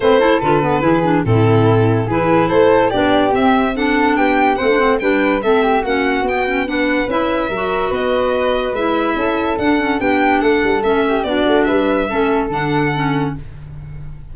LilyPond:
<<
  \new Staff \with { instrumentName = "violin" } { \time 4/4 \tempo 4 = 144 c''4 b'2 a'4~ | a'4 b'4 c''4 d''4 | e''4 fis''4 g''4 fis''4 | g''4 e''4 fis''4 g''4 |
fis''4 e''2 dis''4~ | dis''4 e''2 fis''4 | g''4 fis''4 e''4 d''4 | e''2 fis''2 | }
  \new Staff \with { instrumentName = "flute" } { \time 4/4 b'8 a'4. gis'4 e'4~ | e'4 gis'4 a'4 g'4~ | g'4 a'4 g'4 c''4 | b'4 a'8 g'8 fis'2 |
b'2 ais'4 b'4~ | b'2 a'2 | g'4 a'4. g'8 fis'4 | b'4 a'2. | }
  \new Staff \with { instrumentName = "clarinet" } { \time 4/4 c'8 e'8 f'8 b8 e'8 d'8 c'4~ | c'4 e'2 d'4 | c'4 d'2 c'16 d'16 c'8 | d'4 c'4 cis'4 b8 cis'8 |
d'4 e'4 fis'2~ | fis'4 e'2 d'8 cis'8 | d'2 cis'4 d'4~ | d'4 cis'4 d'4 cis'4 | }
  \new Staff \with { instrumentName = "tuba" } { \time 4/4 a4 d4 e4 a,4~ | a,4 e4 a4 b4 | c'2 b4 a4 | g4 a4 ais4 b4~ |
b4 cis'4 fis4 b4~ | b4 gis4 cis'4 d'4 | b4 a8 g8 a4 b8 a8 | g4 a4 d2 | }
>>